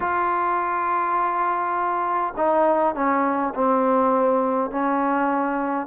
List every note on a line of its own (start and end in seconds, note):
0.00 2.33 F4
2.36 2.94 D#4
2.94 3.53 C#4
3.55 4.70 C4
4.70 5.87 C#4